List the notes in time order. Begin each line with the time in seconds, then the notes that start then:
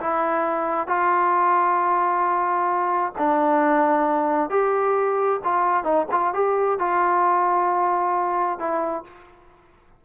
0.00 E4
0.87 F4
3.18 D4
4.50 G4
5.44 F4
5.84 D#4
6.11 F4
6.34 G4
6.79 F4
8.59 E4